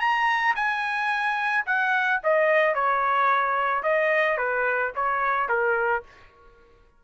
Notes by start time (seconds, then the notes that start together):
0.00 A#5
0.55 G#5
1.66 F#5
2.23 D#5
2.74 C#5
3.83 D#5
4.37 B4
4.95 C#5
5.48 A#4